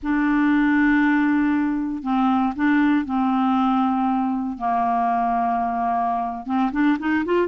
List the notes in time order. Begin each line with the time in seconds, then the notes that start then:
0.03 D4
2.02 C4
2.56 D4
3.05 C4
4.58 A#3
6.46 C4
6.72 D4
6.99 D#4
7.25 F4